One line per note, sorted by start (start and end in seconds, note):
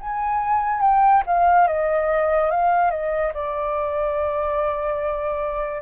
0.00 0.81 G#5
0.81 1.23 G5
1.26 1.67 F5
1.67 2.50 D#5
2.50 2.91 F5
2.91 3.32 D#5
3.33 5.81 D5